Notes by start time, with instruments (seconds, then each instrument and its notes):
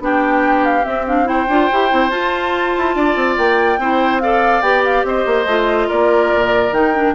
0.00 bassoon B3, clarinet D4, oboe G4, flute G5
0.65 flute F5
0.83 clarinet C4, bassoon C4, flute E5
1.07 clarinet D4, flute F5
1.25 clarinet E4, oboe C5, flute G5
1.48 bassoon D4, clarinet F4
1.72 bassoon E4, clarinet G4
1.89 bassoon C4, clarinet E4
2.10 bassoon F4, clarinet F4, flute A5
2.78 bassoon E4
2.95 bassoon D4, oboe D5
3.16 bassoon C4
3.38 bassoon A#3, flute G5
3.78 bassoon C4, clarinet E4, oboe C5
4.20 clarinet A4, oboe D5, flute F5
4.62 bassoon B3, clarinet G4, flute G5
4.85 flute F5
5.04 bassoon C4, oboe C5, flute D#5
5.26 bassoon A#3
5.46 bassoon A3, clarinet F4
5.88 bassoon A#3, oboe A#4, flute D5
6.34 bassoon A#2
6.72 bassoon D#3, clarinet D#4, flute G5
6.94 clarinet D4